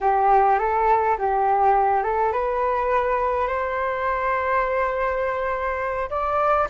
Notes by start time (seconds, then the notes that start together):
0.00 G4
0.58 A4
1.18 G4
2.03 A4
2.32 B4
3.47 C5
6.10 D5